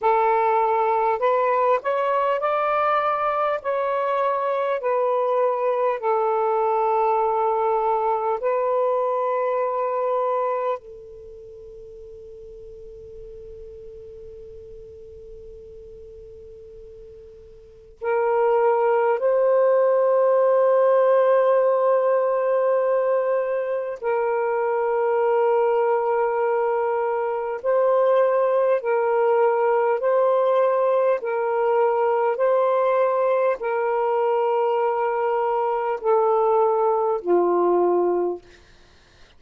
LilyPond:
\new Staff \with { instrumentName = "saxophone" } { \time 4/4 \tempo 4 = 50 a'4 b'8 cis''8 d''4 cis''4 | b'4 a'2 b'4~ | b'4 a'2.~ | a'2. ais'4 |
c''1 | ais'2. c''4 | ais'4 c''4 ais'4 c''4 | ais'2 a'4 f'4 | }